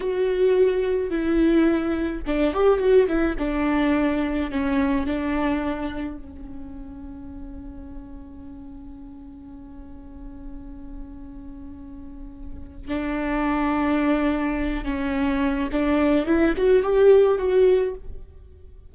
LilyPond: \new Staff \with { instrumentName = "viola" } { \time 4/4 \tempo 4 = 107 fis'2 e'2 | d'8 g'8 fis'8 e'8 d'2 | cis'4 d'2 cis'4~ | cis'1~ |
cis'1~ | cis'2. d'4~ | d'2~ d'8 cis'4. | d'4 e'8 fis'8 g'4 fis'4 | }